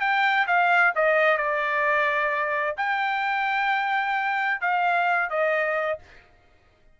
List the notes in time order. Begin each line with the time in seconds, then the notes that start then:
0.00 G5
0.47 F5
0.95 D#5
1.37 D5
2.77 G5
4.60 F5
5.30 D#5